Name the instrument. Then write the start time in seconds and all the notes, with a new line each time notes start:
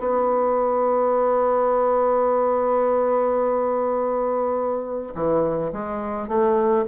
bassoon
0.00 B3
5.15 E3
5.73 G#3
6.28 A3